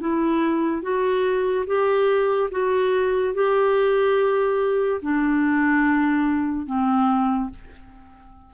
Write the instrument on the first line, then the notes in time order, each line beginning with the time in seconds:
clarinet
0.00 E4
0.82 F#4
1.67 G4
2.51 F#4
3.34 G4
5.02 D4
6.66 C4